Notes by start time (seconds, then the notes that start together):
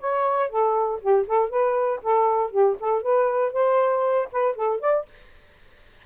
0.00 C#5
0.49 A4
1.01 G4
1.27 A4
1.49 B4
2.02 A4
2.51 G4
2.80 A4
3.02 B4
3.52 C5
4.32 B4
4.56 A4
4.80 D5